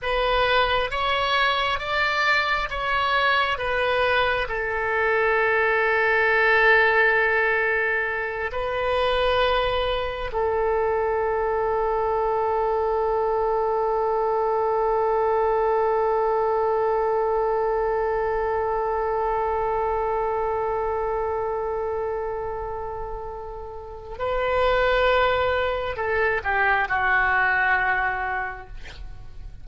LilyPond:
\new Staff \with { instrumentName = "oboe" } { \time 4/4 \tempo 4 = 67 b'4 cis''4 d''4 cis''4 | b'4 a'2.~ | a'4. b'2 a'8~ | a'1~ |
a'1~ | a'1~ | a'2. b'4~ | b'4 a'8 g'8 fis'2 | }